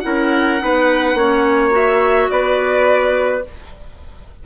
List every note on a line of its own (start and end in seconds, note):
0.00 0.62 C#4
0.00 0.59 E4
0.00 0.62 A#4
0.00 1.70 F#5
0.59 1.14 B3
0.59 1.16 D#4
0.59 1.17 B4
1.14 2.28 A#3
1.14 1.71 C#4
1.14 2.31 C#5
1.71 3.41 F#4
1.71 2.30 E5
2.30 3.44 B3
2.30 3.46 B4
2.30 3.44 D5